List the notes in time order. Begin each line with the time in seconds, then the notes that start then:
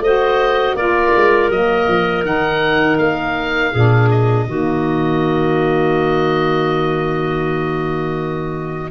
0.00 A3 F#4 C5 D#5
0.75 A#3 F4 A#4 D5
1.16 G#3
1.49 F#3 A#3 D#5
1.88 F3
2.24 D#3 D#4 F#5
2.98 A#3 F5
3.72 A#2 D4 G#4
4.11 D#5
4.47 D#3 A#3 F#4